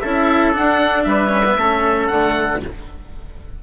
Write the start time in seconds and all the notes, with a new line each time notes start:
0.00 C#4 E4 A4 E5
0.53 D4 F#5
1.04 G3 B4 E5
1.29 C#4
1.46 B3
1.57 A3 C#4 A4
2.07 D3 A3 F#5